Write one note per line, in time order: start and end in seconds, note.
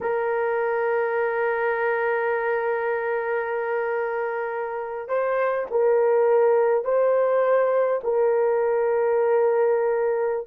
0.01 5.08 A#4
5.08 5.66 C5
5.70 6.84 A#4
6.84 8.00 C5
8.03 10.47 A#4